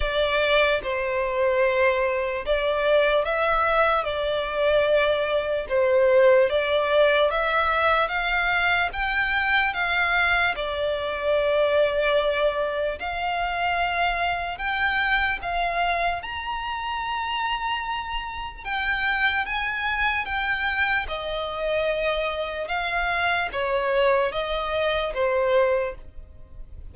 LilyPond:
\new Staff \with { instrumentName = "violin" } { \time 4/4 \tempo 4 = 74 d''4 c''2 d''4 | e''4 d''2 c''4 | d''4 e''4 f''4 g''4 | f''4 d''2. |
f''2 g''4 f''4 | ais''2. g''4 | gis''4 g''4 dis''2 | f''4 cis''4 dis''4 c''4 | }